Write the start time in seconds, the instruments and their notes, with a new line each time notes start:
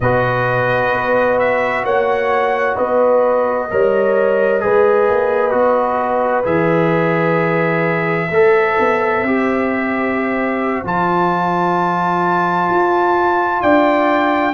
0.00 tuba B2, trombone F#4, horn B4, trumpet D#5
0.92 tuba B3
1.38 trumpet E5
1.84 tuba A#3, horn C#5, trumpet F#5
2.77 tuba B3, horn B4, trumpet D#5
3.70 tuba G3, trombone A#4, horn C#5
4.60 tuba G#3, trombone G#4, horn B4
5.09 tuba A#3
5.51 tuba B3, trombone F#4
6.44 tuba E3, trombone G#4, trumpet E5
8.30 tuba A3, trombone A4, horn C5
8.79 tuba B3
9.22 tuba C4, trombone G4
10.84 tuba F3, trombone F4, trumpet A5
12.70 tuba F4
13.62 tuba D4, horn D5, trumpet G5